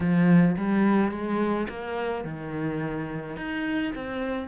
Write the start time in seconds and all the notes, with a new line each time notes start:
0.00 F3
0.57 G3
1.11 G#3
1.68 A#3
2.24 D#3
3.36 D#4
3.95 C4